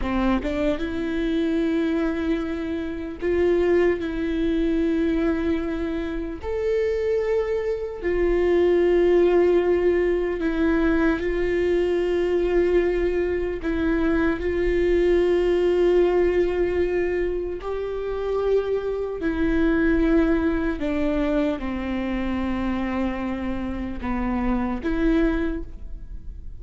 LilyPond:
\new Staff \with { instrumentName = "viola" } { \time 4/4 \tempo 4 = 75 c'8 d'8 e'2. | f'4 e'2. | a'2 f'2~ | f'4 e'4 f'2~ |
f'4 e'4 f'2~ | f'2 g'2 | e'2 d'4 c'4~ | c'2 b4 e'4 | }